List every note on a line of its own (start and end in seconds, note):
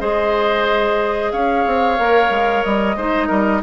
0.00 1.33 G#3
0.00 1.98 G#4
0.00 1.32 C5
0.00 1.32 D#5
1.32 1.66 C#4
1.32 2.97 C#5
1.32 2.64 F5
1.67 1.99 C4
1.99 2.30 A#3
1.99 2.98 A#4
2.30 2.63 G#3
2.64 2.96 G3
2.64 3.63 D#5
2.96 3.29 G#3
2.96 3.63 D#4
2.96 3.28 C5
3.28 3.63 G3
3.28 3.61 A#4